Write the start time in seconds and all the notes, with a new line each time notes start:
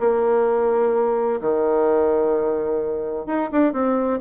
0.00 A#3
1.41 D#3
3.27 D#4
3.52 D4
3.73 C4